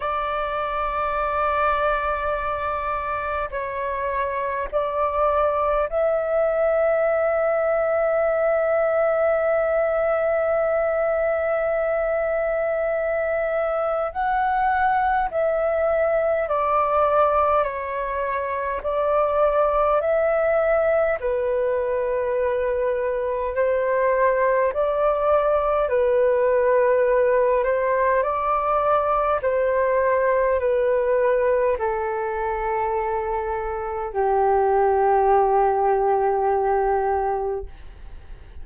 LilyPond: \new Staff \with { instrumentName = "flute" } { \time 4/4 \tempo 4 = 51 d''2. cis''4 | d''4 e''2.~ | e''1 | fis''4 e''4 d''4 cis''4 |
d''4 e''4 b'2 | c''4 d''4 b'4. c''8 | d''4 c''4 b'4 a'4~ | a'4 g'2. | }